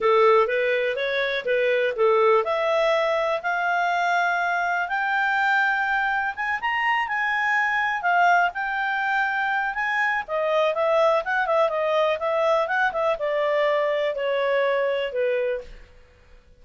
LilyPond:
\new Staff \with { instrumentName = "clarinet" } { \time 4/4 \tempo 4 = 123 a'4 b'4 cis''4 b'4 | a'4 e''2 f''4~ | f''2 g''2~ | g''4 gis''8 ais''4 gis''4.~ |
gis''8 f''4 g''2~ g''8 | gis''4 dis''4 e''4 fis''8 e''8 | dis''4 e''4 fis''8 e''8 d''4~ | d''4 cis''2 b'4 | }